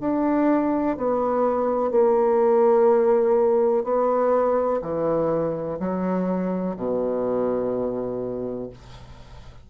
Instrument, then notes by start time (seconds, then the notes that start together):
bassoon
0.00 D4
0.97 B3
1.91 A#3
3.84 B3
4.82 E3
5.80 F#3
6.77 B2